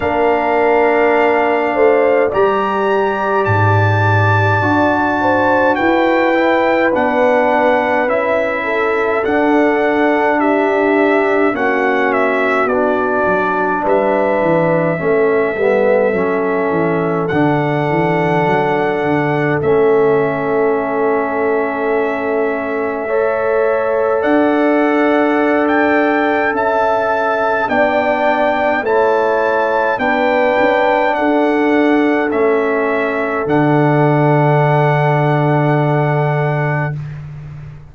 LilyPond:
<<
  \new Staff \with { instrumentName = "trumpet" } { \time 4/4 \tempo 4 = 52 f''2 ais''4 a''4~ | a''4 g''4 fis''4 e''4 | fis''4 e''4 fis''8 e''8 d''4 | e''2. fis''4~ |
fis''4 e''2.~ | e''4 fis''4~ fis''16 g''8. a''4 | g''4 a''4 g''4 fis''4 | e''4 fis''2. | }
  \new Staff \with { instrumentName = "horn" } { \time 4/4 ais'4. c''8 d''2~ | d''8 c''8 b'2~ b'8 a'8~ | a'4 g'4 fis'2 | b'4 a'2.~ |
a'1 | cis''4 d''2 e''4 | d''4 cis''4 b'4 a'4~ | a'1 | }
  \new Staff \with { instrumentName = "trombone" } { \time 4/4 d'2 g'2 | fis'4. e'8 d'4 e'4 | d'2 cis'4 d'4~ | d'4 cis'8 b8 cis'4 d'4~ |
d'4 cis'2. | a'1 | d'4 e'4 d'2 | cis'4 d'2. | }
  \new Staff \with { instrumentName = "tuba" } { \time 4/4 ais4. a8 g4 gis,4 | d'4 e'4 b4 cis'4 | d'2 ais4 b8 fis8 | g8 e8 a8 g8 fis8 e8 d8 e8 |
fis8 d8 a2.~ | a4 d'2 cis'4 | b4 a4 b8 cis'8 d'4 | a4 d2. | }
>>